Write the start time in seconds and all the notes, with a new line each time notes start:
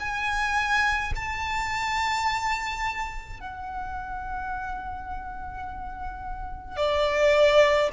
0.00 G#5
1.16 A5
3.41 F#5
6.77 D5